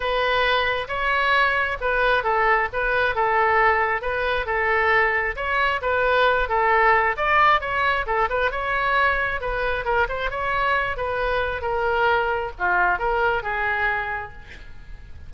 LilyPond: \new Staff \with { instrumentName = "oboe" } { \time 4/4 \tempo 4 = 134 b'2 cis''2 | b'4 a'4 b'4 a'4~ | a'4 b'4 a'2 | cis''4 b'4. a'4. |
d''4 cis''4 a'8 b'8 cis''4~ | cis''4 b'4 ais'8 c''8 cis''4~ | cis''8 b'4. ais'2 | f'4 ais'4 gis'2 | }